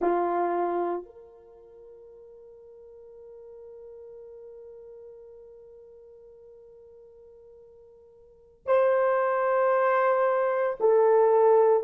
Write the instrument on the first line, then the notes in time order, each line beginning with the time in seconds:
horn
0.01 F4
1.05 A#4
8.66 C5
10.79 A4